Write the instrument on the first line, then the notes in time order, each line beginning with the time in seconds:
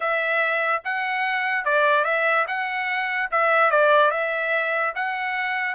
trumpet
0.00 E5
0.84 F#5
1.64 D5
2.04 E5
2.47 F#5
3.31 E5
3.71 D5
4.11 E5
4.95 F#5